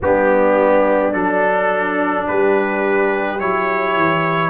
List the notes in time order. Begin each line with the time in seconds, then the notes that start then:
0.01 G3 B3 D4 G4
1.12 F#3 D4 A4
2.27 G3 G4 B4
3.39 F#3 E4 C#5
3.96 E3